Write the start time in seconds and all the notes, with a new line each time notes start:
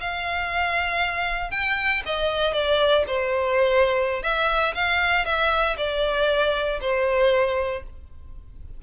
0.00 F5
1.51 G5
2.05 D#5
2.53 D5
3.07 C5
4.22 E5
4.74 F5
5.25 E5
5.77 D5
6.80 C5